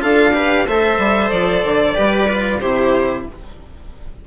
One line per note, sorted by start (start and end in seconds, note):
0.00 0.67 D4
0.00 0.32 F4
0.00 0.34 A4
0.00 0.68 F5
0.34 0.66 G4
0.34 0.67 B4
0.67 0.99 A3
0.67 1.95 A4
0.67 1.96 C5
0.67 1.30 E5
0.99 1.31 G3
1.30 1.64 F3
1.30 2.59 D5
1.64 1.97 D3
1.95 2.62 G3
1.95 2.27 G4
1.95 2.60 B4
2.29 2.61 F4
2.60 3.26 C3
2.60 3.27 E4
2.60 3.25 G4
2.60 3.24 C5